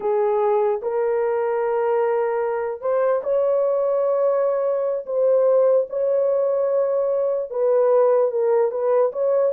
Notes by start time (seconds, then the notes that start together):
0.00 G#4
0.81 A#4
2.81 C5
3.23 C#5
5.06 C5
5.89 C#5
7.50 B4
8.31 A#4
8.71 B4
9.12 C#5